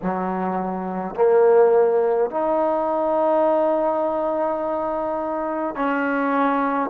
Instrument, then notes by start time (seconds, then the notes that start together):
trombone
0.02 F#3
1.15 A#3
2.30 D#4
5.75 C#4